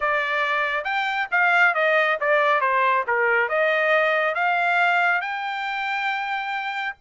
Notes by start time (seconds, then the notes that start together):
0.00 D5
0.84 G5
1.31 F5
1.74 D#5
2.20 D5
2.60 C5
3.07 A#4
3.48 D#5
4.34 F5
5.21 G5